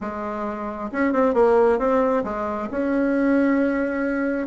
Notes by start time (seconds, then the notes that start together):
0.00 G#3
0.92 C#4
1.13 C4
1.34 A#3
1.78 C4
2.23 G#3
2.70 C#4